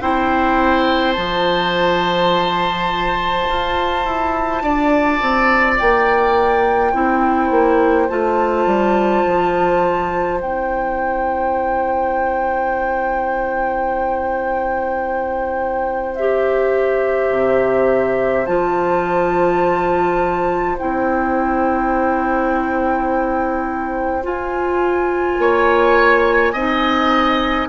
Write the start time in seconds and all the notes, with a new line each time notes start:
0.00 C4 E4 C5 G5
1.12 F3 F4 A5
3.48 F4
4.05 E4
4.62 D4 D5
5.21 C4
5.78 A#3 G5
6.92 C4 E4 C5
7.51 A#3
8.08 A3 F4 A5
8.66 G3
9.26 F3
10.39 C4 E4 G5
16.15 G4 E5
17.30 C3
18.46 F3 F4 A5
20.78 C4 E4 G5
24.23 F4 G#5
25.38 A#3 C#5
26.52 C4 D#4 D#5